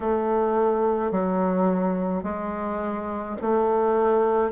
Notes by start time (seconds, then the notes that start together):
0.00 A3
1.11 F#3
2.23 G#3
3.41 A3